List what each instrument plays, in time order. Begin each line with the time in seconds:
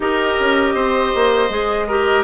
0.00 bassoon D#4, clarinet G4, oboe A#4, flute D#5
0.39 bassoon C#4
0.74 bassoon C4, oboe C5
1.14 bassoon A#3
1.49 bassoon G#3, clarinet G#4
1.87 clarinet G4, oboe A#4